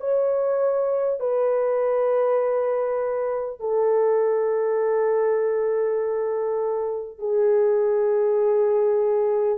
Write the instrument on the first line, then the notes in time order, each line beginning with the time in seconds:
horn
0.00 C#5
1.20 B4
3.59 A4
7.19 G#4